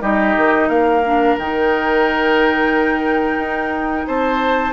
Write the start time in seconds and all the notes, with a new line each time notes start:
0.00 G3 D#4 G4 D#5
0.36 D#3
0.68 A#3 A#4 F5
1.05 D4
1.37 D#3 D#4 G5
3.37 D#4
4.07 C4 C5 A5